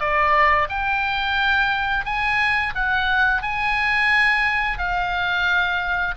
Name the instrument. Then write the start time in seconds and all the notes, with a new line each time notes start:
oboe
0.00 D5
0.69 G5
2.05 G#5
2.75 F#5
3.42 G#5
4.79 F5